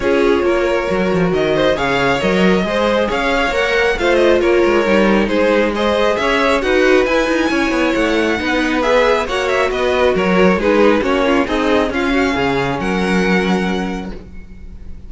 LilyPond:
<<
  \new Staff \with { instrumentName = "violin" } { \time 4/4 \tempo 4 = 136 cis''2. dis''4 | f''4 dis''2 f''4 | fis''4 f''8 dis''8 cis''2 | c''4 dis''4 e''4 fis''4 |
gis''2 fis''2 | e''4 fis''8 e''8 dis''4 cis''4 | b'4 cis''4 dis''4 f''4~ | f''4 fis''2. | }
  \new Staff \with { instrumentName = "violin" } { \time 4/4 gis'4 ais'2~ ais'8 c''8 | cis''2 c''4 cis''4~ | cis''4 c''4 ais'2 | gis'4 c''4 cis''4 b'4~ |
b'4 cis''2 b'4~ | b'4 cis''4 b'4 ais'4 | gis'4 fis'8 f'8 dis'4 f'8 fis'8 | gis'4 ais'2. | }
  \new Staff \with { instrumentName = "viola" } { \time 4/4 f'2 fis'2 | gis'4 ais'4 gis'2 | ais'4 f'2 dis'4~ | dis'4 gis'2 fis'4 |
e'2. dis'4 | gis'4 fis'2. | dis'4 cis'4 gis'4 cis'4~ | cis'1 | }
  \new Staff \with { instrumentName = "cello" } { \time 4/4 cis'4 ais4 fis8 f8 dis4 | cis4 fis4 gis4 cis'4 | ais4 a4 ais8 gis8 g4 | gis2 cis'4 dis'4 |
e'8 dis'8 cis'8 b8 a4 b4~ | b4 ais4 b4 fis4 | gis4 ais4 c'4 cis'4 | cis4 fis2. | }
>>